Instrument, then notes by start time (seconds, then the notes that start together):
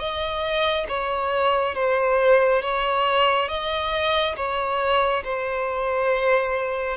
violin
0.00 D#5
0.89 C#5
1.75 C5
2.62 C#5
3.49 D#5
4.37 C#5
5.25 C5